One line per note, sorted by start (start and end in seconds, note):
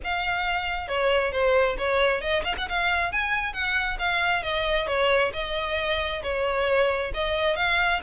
0.04 0.88 F5
0.88 1.32 C#5
1.32 1.76 C5
1.78 2.21 C#5
2.21 2.43 D#5
2.44 2.55 F5
2.57 2.68 F#5
2.68 3.12 F5
3.12 3.53 G#5
3.53 3.97 F#5
3.99 4.42 F5
4.42 4.87 D#5
4.87 5.31 C#5
5.33 6.22 D#5
6.23 7.12 C#5
7.14 7.56 D#5
7.56 8.00 F5